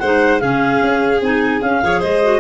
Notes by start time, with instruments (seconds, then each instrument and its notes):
0.00 tuba G#3, clarinet D#4 F#5, violin C5
0.40 tuba C#3, clarinet C#4 F5, violin G#4
0.82 tuba C#4
1.21 tuba C4, clarinet D#4 G#5
1.62 clarinet C#4 F5, tuba C#4
1.83 tuba F3, clarinet G#4, violin C#5
2.00 tuba G#3, violin C5, clarinet D#5
2.23 clarinet F#4